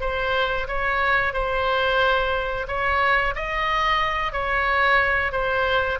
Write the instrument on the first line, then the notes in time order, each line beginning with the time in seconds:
oboe
0.00 C5
0.67 C#5
1.33 C5
2.67 C#5
3.35 D#5
4.32 C#5
5.32 C5